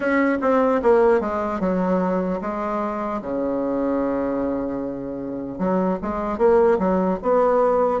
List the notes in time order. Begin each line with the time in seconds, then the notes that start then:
0.00 C#4
0.41 C4
0.82 A#3
1.20 G#3
1.60 F#3
2.41 G#3
3.21 C#3
5.58 F#3
6.02 G#3
6.37 A#3
6.79 F#3
7.22 B3